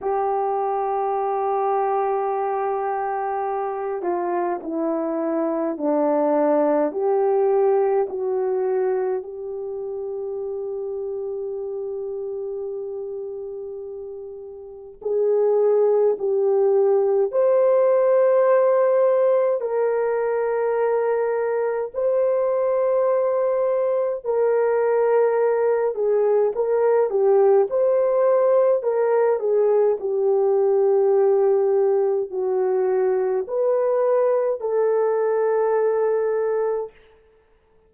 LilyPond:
\new Staff \with { instrumentName = "horn" } { \time 4/4 \tempo 4 = 52 g'2.~ g'8 f'8 | e'4 d'4 g'4 fis'4 | g'1~ | g'4 gis'4 g'4 c''4~ |
c''4 ais'2 c''4~ | c''4 ais'4. gis'8 ais'8 g'8 | c''4 ais'8 gis'8 g'2 | fis'4 b'4 a'2 | }